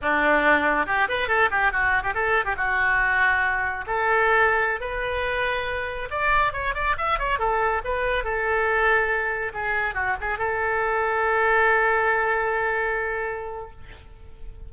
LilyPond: \new Staff \with { instrumentName = "oboe" } { \time 4/4 \tempo 4 = 140 d'2 g'8 b'8 a'8 g'8 | fis'8. g'16 a'8. g'16 fis'2~ | fis'4 a'2~ a'16 b'8.~ | b'2~ b'16 d''4 cis''8 d''16~ |
d''16 e''8 cis''8 a'4 b'4 a'8.~ | a'2~ a'16 gis'4 fis'8 gis'16~ | gis'16 a'2.~ a'8.~ | a'1 | }